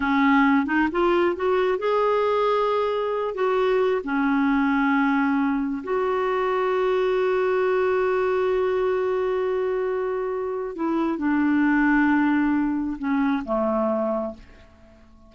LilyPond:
\new Staff \with { instrumentName = "clarinet" } { \time 4/4 \tempo 4 = 134 cis'4. dis'8 f'4 fis'4 | gis'2.~ gis'8 fis'8~ | fis'4 cis'2.~ | cis'4 fis'2.~ |
fis'1~ | fis'1 | e'4 d'2.~ | d'4 cis'4 a2 | }